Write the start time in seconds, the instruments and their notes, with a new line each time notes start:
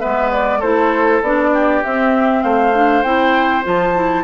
0.00 bassoon G#3, clarinet B3, oboe B4, flute E5
0.32 flute D5
0.59 bassoon A3, clarinet E4, oboe A4, flute C5
1.22 bassoon B3, clarinet D4, flute D5
1.53 oboe G4
1.84 clarinet C4, bassoon C4, flute E5
2.43 bassoon A3, oboe C5, flute F5
2.74 clarinet D4
3.03 bassoon C4, clarinet E4, flute G5
3.63 bassoon F3, clarinet F4, flute A5
3.94 clarinet E4